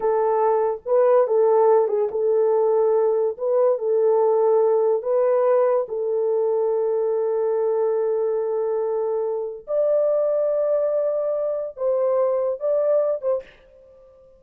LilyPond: \new Staff \with { instrumentName = "horn" } { \time 4/4 \tempo 4 = 143 a'2 b'4 a'4~ | a'8 gis'8 a'2. | b'4 a'2. | b'2 a'2~ |
a'1~ | a'2. d''4~ | d''1 | c''2 d''4. c''8 | }